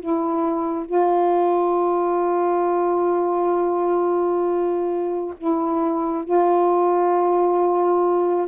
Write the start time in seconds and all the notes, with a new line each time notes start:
0.00 E4
0.86 F4
5.37 E4
6.24 F4